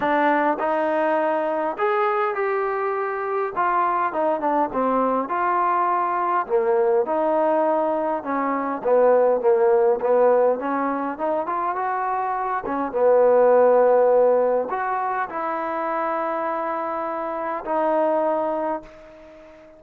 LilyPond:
\new Staff \with { instrumentName = "trombone" } { \time 4/4 \tempo 4 = 102 d'4 dis'2 gis'4 | g'2 f'4 dis'8 d'8 | c'4 f'2 ais4 | dis'2 cis'4 b4 |
ais4 b4 cis'4 dis'8 f'8 | fis'4. cis'8 b2~ | b4 fis'4 e'2~ | e'2 dis'2 | }